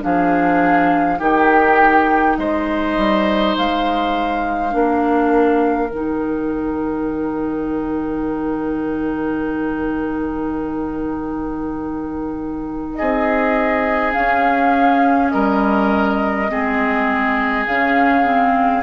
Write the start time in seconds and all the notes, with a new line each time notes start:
0.00 F3 D4 G#4 F5
1.18 D#3 D#4 G4 G5
2.37 G#3 C5 D#5
2.97 G3
3.57 G#3 F5
4.70 A#3 D4 A#4
5.89 D#3 D#4 G5
12.94 C4 G#4 D#5
14.12 C#4 F5
15.29 G3 A#4 D#5
16.48 G#3 C4 G#4
17.66 C#3 C#4 F5
18.24 C4